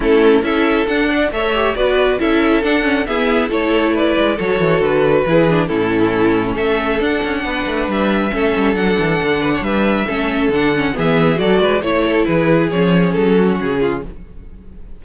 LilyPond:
<<
  \new Staff \with { instrumentName = "violin" } { \time 4/4 \tempo 4 = 137 a'4 e''4 fis''4 e''4 | d''4 e''4 fis''4 e''4 | cis''4 d''4 cis''4 b'4~ | b'4 a'2 e''4 |
fis''2 e''2 | fis''2 e''2 | fis''4 e''4 d''4 cis''4 | b'4 cis''4 a'4 gis'4 | }
  \new Staff \with { instrumentName = "violin" } { \time 4/4 e'4 a'4. d''8 cis''4 | b'4 a'2 gis'4 | a'4 b'4 a'2 | gis'4 e'2 a'4~ |
a'4 b'2 a'4~ | a'4. b'16 cis''16 b'4 a'4~ | a'4 gis'4 a'8 b'8 cis''8 a'8 | gis'2~ gis'8 fis'4 f'8 | }
  \new Staff \with { instrumentName = "viola" } { \time 4/4 cis'4 e'4 d'4 a'8 g'8 | fis'4 e'4 d'8 cis'8 b4 | e'2 fis'2 | e'8 d'8 cis'2. |
d'2. cis'4 | d'2. cis'4 | d'8 cis'8 b4 fis'4 e'4~ | e'4 cis'2. | }
  \new Staff \with { instrumentName = "cello" } { \time 4/4 a4 cis'4 d'4 a4 | b4 cis'4 d'4 e'4 | a4. gis8 fis8 e8 d4 | e4 a,2 a4 |
d'8 cis'8 b8 a8 g4 a8 g8 | fis8 e8 d4 g4 a4 | d4 e4 fis8 gis8 a4 | e4 f4 fis4 cis4 | }
>>